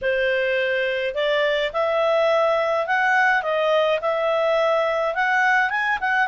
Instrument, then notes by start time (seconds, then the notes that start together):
clarinet
0.01 C5
1.14 D5
1.72 E5
2.86 F#5
3.42 D#5
4.01 E5
5.14 F#5
5.70 G#5
6.00 F#5